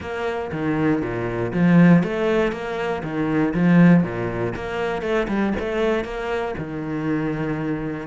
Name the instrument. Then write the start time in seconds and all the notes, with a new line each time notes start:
cello
0.00 A#3
0.52 D#3
1.02 A#2
1.53 F3
2.03 A3
2.52 A#3
3.03 D#3
3.54 F3
4.03 A#2
4.55 A#3
5.02 A3
5.28 G3
5.59 A3
6.04 A#3
6.58 D#3